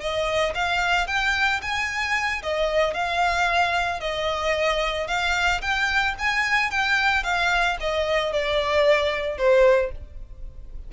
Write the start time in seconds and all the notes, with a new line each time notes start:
0.00 D#5
0.55 F5
1.07 G5
1.62 G#5
2.43 D#5
2.94 F5
4.00 D#5
5.08 F5
5.61 G5
6.19 G#5
6.71 G5
7.23 F5
7.80 D#5
8.33 D5
9.38 C5